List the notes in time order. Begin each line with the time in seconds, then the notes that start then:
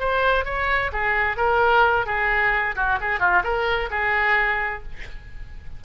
0.00 C5
0.45 C#5
0.93 G#4
1.37 A#4
2.06 G#4
2.76 F#4
3.01 G#4
3.20 F4
3.44 A#4
3.91 G#4